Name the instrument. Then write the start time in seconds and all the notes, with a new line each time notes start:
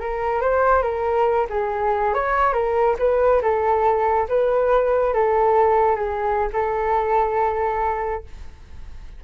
flute
0.00 A#4
0.41 C5
0.83 A#4
1.50 G#4
2.14 C#5
2.53 A#4
2.99 B4
3.42 A4
4.29 B4
5.14 A4
5.96 G#4
6.53 A4